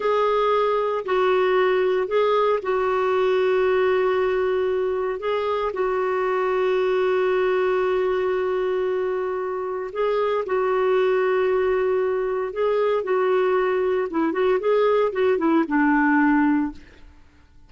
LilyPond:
\new Staff \with { instrumentName = "clarinet" } { \time 4/4 \tempo 4 = 115 gis'2 fis'2 | gis'4 fis'2.~ | fis'2 gis'4 fis'4~ | fis'1~ |
fis'2. gis'4 | fis'1 | gis'4 fis'2 e'8 fis'8 | gis'4 fis'8 e'8 d'2 | }